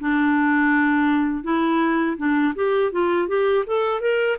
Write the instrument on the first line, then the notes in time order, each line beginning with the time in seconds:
clarinet
0.00 D4
1.44 E4
2.17 D4
2.55 G4
2.92 F4
3.28 G4
3.66 A4
4.00 A#4